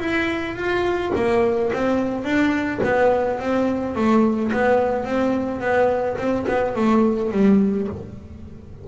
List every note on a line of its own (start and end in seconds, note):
0.00 0.56 E4
0.56 1.12 F4
1.15 1.72 A#3
1.74 2.24 C4
2.24 2.80 D4
2.84 3.40 B3
3.40 3.96 C4
3.96 4.52 A3
4.52 5.05 B3
5.05 5.61 C4
5.61 6.17 B3
6.18 6.46 C4
6.48 6.76 B3
6.76 7.32 A3
7.32 7.88 G3